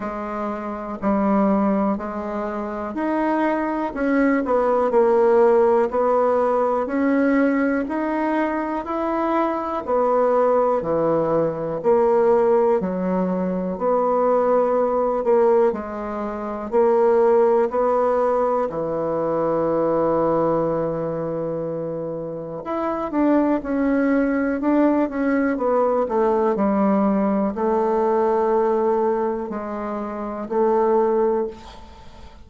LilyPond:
\new Staff \with { instrumentName = "bassoon" } { \time 4/4 \tempo 4 = 61 gis4 g4 gis4 dis'4 | cis'8 b8 ais4 b4 cis'4 | dis'4 e'4 b4 e4 | ais4 fis4 b4. ais8 |
gis4 ais4 b4 e4~ | e2. e'8 d'8 | cis'4 d'8 cis'8 b8 a8 g4 | a2 gis4 a4 | }